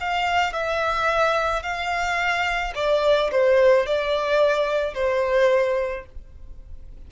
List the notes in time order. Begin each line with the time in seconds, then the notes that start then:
0.00 F5
0.53 E5
1.62 F5
2.75 D5
3.31 C5
3.86 D5
4.94 C5